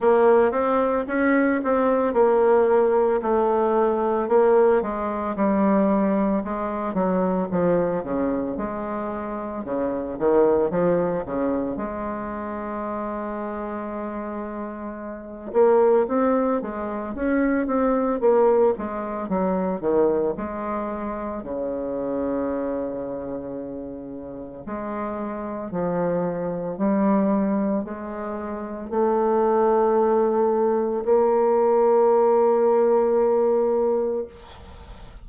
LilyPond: \new Staff \with { instrumentName = "bassoon" } { \time 4/4 \tempo 4 = 56 ais8 c'8 cis'8 c'8 ais4 a4 | ais8 gis8 g4 gis8 fis8 f8 cis8 | gis4 cis8 dis8 f8 cis8 gis4~ | gis2~ gis8 ais8 c'8 gis8 |
cis'8 c'8 ais8 gis8 fis8 dis8 gis4 | cis2. gis4 | f4 g4 gis4 a4~ | a4 ais2. | }